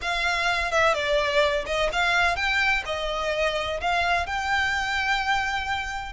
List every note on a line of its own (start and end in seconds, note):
0.01 0.71 F5
0.71 0.93 E5
0.93 1.64 D5
1.66 1.89 D#5
1.92 2.36 F5
2.36 2.83 G5
2.85 3.80 D#5
3.80 4.26 F5
4.26 6.12 G5